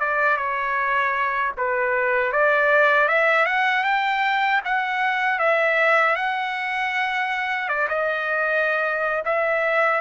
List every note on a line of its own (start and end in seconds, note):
0.00 0.37 D5
0.37 1.53 C#5
1.58 2.33 B4
2.33 3.08 D5
3.08 3.46 E5
3.46 3.84 F#5
3.84 4.61 G5
4.65 5.39 F#5
5.39 6.16 E5
6.16 7.69 F#5
7.69 7.88 D5
7.89 9.23 D#5
9.25 10.01 E5